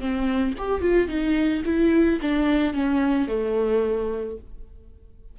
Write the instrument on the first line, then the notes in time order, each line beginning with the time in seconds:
viola
0.00 C4
0.58 G4
0.81 F4
1.08 D#4
1.65 E4
2.22 D4
2.73 C#4
3.28 A3